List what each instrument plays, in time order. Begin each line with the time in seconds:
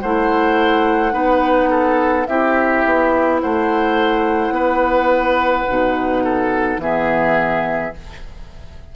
0.00 bassoon A3, clarinet E4, oboe C5, flute F#5
1.11 bassoon B3, clarinet D#4, oboe B4
1.70 oboe A4
2.26 bassoon C4, clarinet E4, oboe G4, flute E5
2.84 bassoon B3
3.41 bassoon A3, oboe C5, flute F#5
4.50 bassoon B3, oboe B4
5.68 bassoon B2, clarinet D#4
6.24 oboe A4
6.77 bassoon E3, clarinet B3, oboe G#4, flute E5